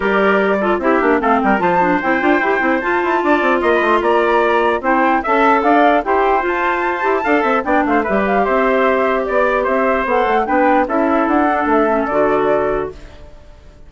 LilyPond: <<
  \new Staff \with { instrumentName = "flute" } { \time 4/4 \tempo 4 = 149 d''2 e''4 f''8 g''8 | a''4 g''2 a''4~ | a''4 c'''16 b''16 c'''8 ais''2 | g''4 a''4 f''4 g''4 |
a''2. g''8 f''8 | e''8 f''8 e''2 d''4 | e''4 fis''4 g''4 e''4 | fis''4 e''4 d''2 | }
  \new Staff \with { instrumentName = "trumpet" } { \time 4/4 ais'4. a'8 g'4 a'8 ais'8 | c''1 | d''4 dis''4 d''2 | c''4 e''4 d''4 c''4~ |
c''2 f''8 e''8 d''8 c''8 | b'4 c''2 d''4 | c''2 b'4 a'4~ | a'1 | }
  \new Staff \with { instrumentName = "clarinet" } { \time 4/4 g'4. f'8 e'8 d'8 c'4 | f'8 d'8 e'8 f'8 g'8 e'8 f'4~ | f'1 | e'4 a'2 g'4 |
f'4. g'8 a'4 d'4 | g'1~ | g'4 a'4 d'4 e'4~ | e'8 d'4 cis'8 fis'2 | }
  \new Staff \with { instrumentName = "bassoon" } { \time 4/4 g2 c'8 ais8 a8 g8 | f4 c'8 d'8 e'8 c'8 f'8 e'8 | d'8 c'8 ais8 a8 ais2 | c'4 cis'4 d'4 e'4 |
f'4. e'8 d'8 c'8 b8 a8 | g4 c'2 b4 | c'4 b8 a8 b4 cis'4 | d'4 a4 d2 | }
>>